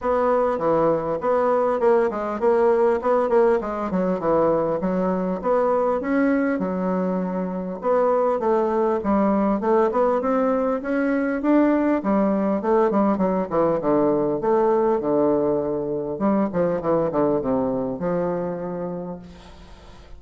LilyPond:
\new Staff \with { instrumentName = "bassoon" } { \time 4/4 \tempo 4 = 100 b4 e4 b4 ais8 gis8 | ais4 b8 ais8 gis8 fis8 e4 | fis4 b4 cis'4 fis4~ | fis4 b4 a4 g4 |
a8 b8 c'4 cis'4 d'4 | g4 a8 g8 fis8 e8 d4 | a4 d2 g8 f8 | e8 d8 c4 f2 | }